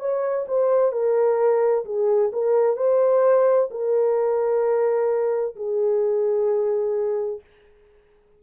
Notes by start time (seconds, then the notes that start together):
0.00 C#5
0.48 C5
0.93 A#4
1.85 G#4
2.33 A#4
2.77 C5
3.71 A#4
5.56 G#4